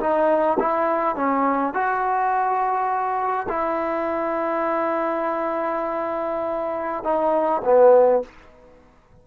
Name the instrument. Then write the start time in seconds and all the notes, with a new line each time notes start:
trombone
0.00 D#4
0.59 E4
1.16 C#4
1.74 F#4
3.49 E4
7.04 D#4
7.64 B3